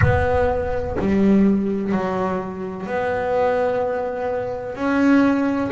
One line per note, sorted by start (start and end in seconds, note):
0.01 0.96 B3
0.99 1.91 G3
1.91 2.86 F#3
2.86 4.75 B3
4.75 5.70 C#4